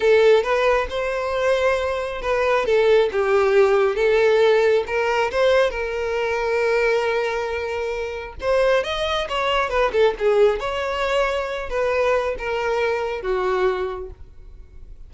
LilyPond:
\new Staff \with { instrumentName = "violin" } { \time 4/4 \tempo 4 = 136 a'4 b'4 c''2~ | c''4 b'4 a'4 g'4~ | g'4 a'2 ais'4 | c''4 ais'2.~ |
ais'2. c''4 | dis''4 cis''4 b'8 a'8 gis'4 | cis''2~ cis''8 b'4. | ais'2 fis'2 | }